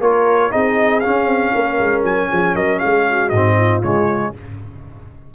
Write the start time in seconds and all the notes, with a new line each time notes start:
0.00 A#3 F4 A#4 C#5
0.51 C4 D#4 G#4 D#5
1.00 C#4 F5
1.06 C#4
1.26 C4
1.53 A#3 A#4
1.79 G#3
2.03 F#3 G#5
2.31 F3 G#4
2.55 F#3 A#4 D#5
2.79 G#3 G#4 F5
3.10 F#4
3.29 G#2 D#5
3.35 C4
3.56 F4
3.83 C#3 G#3 C#5